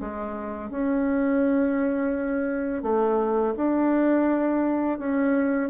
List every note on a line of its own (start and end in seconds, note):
0.00 0.70 G#3
0.70 2.83 C#4
2.83 3.54 A3
3.56 4.99 D4
4.99 5.70 C#4